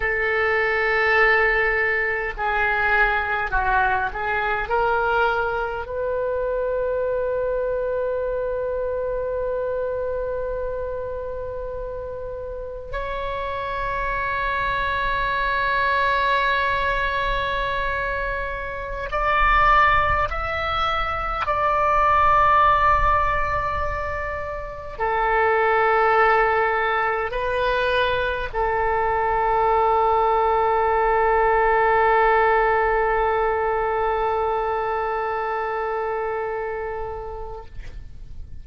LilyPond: \new Staff \with { instrumentName = "oboe" } { \time 4/4 \tempo 4 = 51 a'2 gis'4 fis'8 gis'8 | ais'4 b'2.~ | b'2. cis''4~ | cis''1~ |
cis''16 d''4 e''4 d''4.~ d''16~ | d''4~ d''16 a'2 b'8.~ | b'16 a'2.~ a'8.~ | a'1 | }